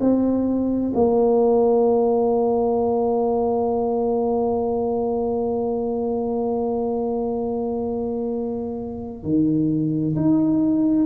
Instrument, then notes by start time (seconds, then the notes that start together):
tuba
0.00 C4
0.94 A#3
9.23 D#3
10.15 D#4